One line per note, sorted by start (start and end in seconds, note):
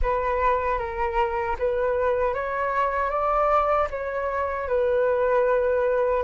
0.01 0.78 B4
0.78 1.56 A#4
1.58 2.33 B4
2.33 3.10 C#5
3.10 3.87 D5
3.90 4.68 C#5
4.68 6.23 B4